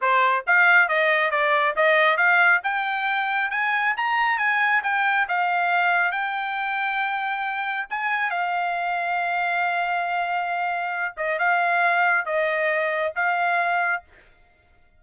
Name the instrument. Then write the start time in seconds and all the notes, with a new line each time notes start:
trumpet
0.01 C5
0.46 F5
0.88 D#5
1.30 D5
1.76 D#5
2.17 F5
2.63 G5
3.50 G#5
3.96 A#5
4.38 G#5
4.83 G5
5.28 F5
6.11 G5
7.90 G#5
8.30 F5
11.17 D#5
11.38 F5
12.25 D#5
13.15 F5